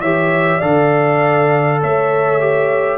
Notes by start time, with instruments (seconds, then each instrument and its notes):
0.00 tuba E3, trombone G4, horn C#5, trumpet E5
0.58 tuba D3, trombone A4, horn D5, trumpet F5
1.80 tuba A3, horn C#5, trumpet E5
2.39 trombone G4